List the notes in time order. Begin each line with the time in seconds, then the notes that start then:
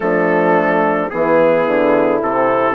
0.00 F3 A3 D4 A4
1.09 E3 B3 E4 G#4
1.67 D3
2.21 C3 C4 A4